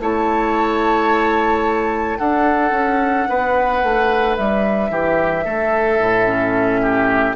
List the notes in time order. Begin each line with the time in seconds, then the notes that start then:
0.00 A3 E4 C#5 A5
2.18 D4 A4 F#5
2.72 C#4
3.29 B3 B4
3.83 A3
4.37 G3 E5
4.90 E3 G4
5.45 A3 A4
6.00 A2
6.26 C#4
6.82 G4